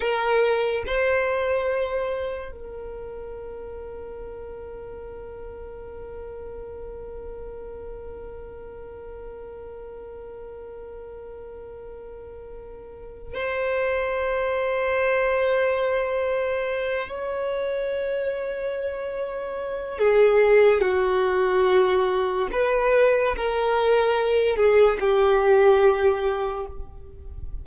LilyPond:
\new Staff \with { instrumentName = "violin" } { \time 4/4 \tempo 4 = 72 ais'4 c''2 ais'4~ | ais'1~ | ais'1~ | ais'1 |
c''1~ | c''8 cis''2.~ cis''8 | gis'4 fis'2 b'4 | ais'4. gis'8 g'2 | }